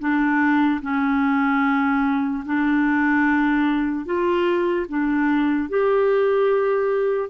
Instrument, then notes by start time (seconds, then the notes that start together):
clarinet
0.00 D4
0.82 C#4
2.46 D4
4.06 F4
4.89 D4
5.70 G4